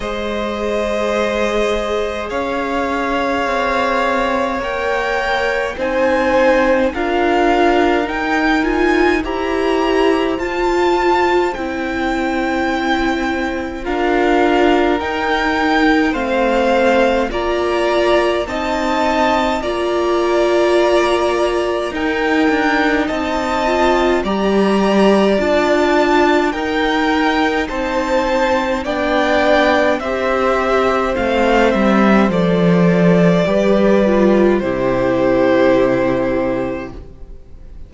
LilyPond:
<<
  \new Staff \with { instrumentName = "violin" } { \time 4/4 \tempo 4 = 52 dis''2 f''2 | g''4 gis''4 f''4 g''8 gis''8 | ais''4 a''4 g''2 | f''4 g''4 f''4 ais''4 |
a''4 ais''2 g''4 | a''4 ais''4 a''4 g''4 | a''4 g''4 e''4 f''8 e''8 | d''2 c''2 | }
  \new Staff \with { instrumentName = "violin" } { \time 4/4 c''2 cis''2~ | cis''4 c''4 ais'2 | c''1 | ais'2 c''4 d''4 |
dis''4 d''2 ais'4 | dis''4 d''2 ais'4 | c''4 d''4 c''2~ | c''4 b'4 g'2 | }
  \new Staff \with { instrumentName = "viola" } { \time 4/4 gis'1 | ais'4 dis'4 f'4 dis'8 f'8 | g'4 f'4 e'2 | f'4 dis'4 c'4 f'4 |
dis'4 f'2 dis'4~ | dis'8 f'8 g'4 f'4 dis'4~ | dis'4 d'4 g'4 c'4 | a'4 g'8 f'8 e'2 | }
  \new Staff \with { instrumentName = "cello" } { \time 4/4 gis2 cis'4 c'4 | ais4 c'4 d'4 dis'4 | e'4 f'4 c'2 | d'4 dis'4 a4 ais4 |
c'4 ais2 dis'8 d'8 | c'4 g4 d'4 dis'4 | c'4 b4 c'4 a8 g8 | f4 g4 c2 | }
>>